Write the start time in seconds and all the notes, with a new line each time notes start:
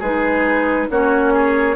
0.00 G#3 D#4 G#4 B4
0.90 A#3 C#4 F#4 C#5
1.34 G#4